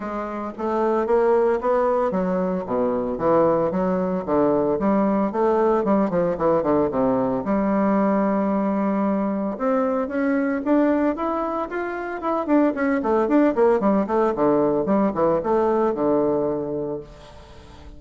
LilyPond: \new Staff \with { instrumentName = "bassoon" } { \time 4/4 \tempo 4 = 113 gis4 a4 ais4 b4 | fis4 b,4 e4 fis4 | d4 g4 a4 g8 f8 | e8 d8 c4 g2~ |
g2 c'4 cis'4 | d'4 e'4 f'4 e'8 d'8 | cis'8 a8 d'8 ais8 g8 a8 d4 | g8 e8 a4 d2 | }